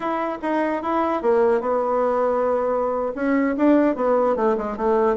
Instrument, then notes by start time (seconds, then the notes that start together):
bassoon
0.00 E4
0.42 D#4
0.82 E4
1.22 A#3
1.60 B3
3.15 C#4
3.57 D4
3.95 B3
4.36 A3
4.57 G#3
4.76 A3